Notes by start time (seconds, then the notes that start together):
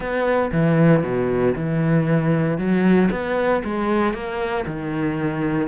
0.00 B3
0.51 E3
1.03 B2
1.55 E3
2.58 F#3
3.11 B3
3.63 G#3
4.13 A#3
4.66 D#3